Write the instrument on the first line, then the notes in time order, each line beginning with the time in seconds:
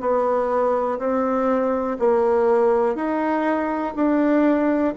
bassoon
0.00 B3
0.98 C4
1.99 A#3
2.95 D#4
3.95 D4